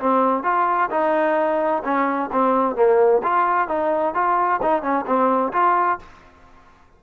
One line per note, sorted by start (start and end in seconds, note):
0.00 0.44 C4
0.44 0.90 F4
0.91 1.83 D#4
1.84 2.31 C#4
2.32 2.76 C4
2.76 3.22 A#3
3.23 3.69 F4
3.69 4.15 D#4
4.15 4.61 F4
4.62 4.83 D#4
4.83 5.06 C#4
5.07 5.53 C4
5.53 5.99 F4